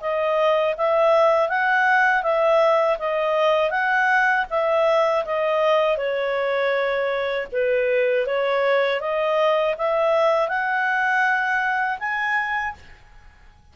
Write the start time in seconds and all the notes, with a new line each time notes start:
0.00 D#5
0.77 E5
1.49 F#5
2.22 E5
2.98 D#5
3.70 F#5
4.49 E5
5.25 D#5
5.97 C#5
7.52 B4
8.26 C#5
9.00 D#5
9.77 E5
10.48 F#5
11.99 G#5